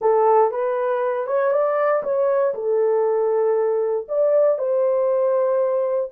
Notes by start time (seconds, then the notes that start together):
0.01 A4
0.51 B4
1.26 C#5
1.51 D5
2.03 C#5
2.54 A4
4.08 D5
4.58 C5